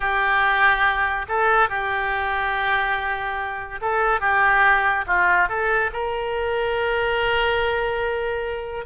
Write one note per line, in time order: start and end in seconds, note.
0.00 1.26 G4
1.28 1.69 A4
1.69 3.80 G4
3.81 4.20 A4
4.20 5.05 G4
5.06 5.48 F4
5.48 5.90 A4
5.92 8.85 A#4